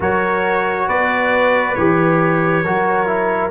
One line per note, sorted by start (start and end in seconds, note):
0.00 0.87 F#3
0.00 1.75 F#4
0.00 0.87 A#4
0.00 0.88 C#5
0.87 1.76 B3
0.87 2.64 B4
0.87 1.74 D5
1.74 2.64 E3
1.74 2.65 G4
1.74 3.51 C#5
2.64 3.51 F#3
2.64 3.06 F#4
2.64 3.51 A#4
3.06 3.50 E4